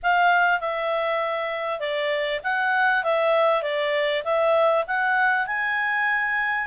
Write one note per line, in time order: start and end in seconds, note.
0.02 0.60 F5
0.60 1.79 E5
1.79 2.40 D5
2.43 3.03 F#5
3.03 3.62 E5
3.62 4.23 D5
4.24 4.85 E5
4.87 5.46 F#5
5.46 6.67 G#5